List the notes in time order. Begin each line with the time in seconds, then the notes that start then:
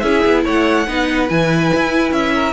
0.00 C#4 E4 G#4 E5
0.25 B3
0.45 A3 C#5 F#5
0.87 B3 D#4 B4
1.28 E3 E4 G#5
1.75 E4
2.12 C#4 E5
2.34 A#4